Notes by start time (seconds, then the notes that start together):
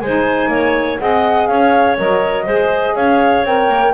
0.00 G#3 D#4 C5 G#5
0.48 A#3 C#5
0.99 C4 G#4 D#5 F#5
1.47 C#4 C#5 F5
1.97 F#3 A#4 D#5
2.45 G#3 G#4 C5
2.95 C#4 C#5 F5
3.44 C4 A#4 G5
3.68 A#3